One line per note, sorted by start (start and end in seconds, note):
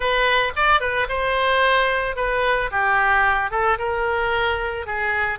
0.00 0.52 B4
0.56 0.80 D5
0.80 1.07 B4
1.08 2.16 C5
2.16 2.70 B4
2.71 3.50 G4
3.50 3.77 A4
3.78 4.86 A#4
4.86 5.38 G#4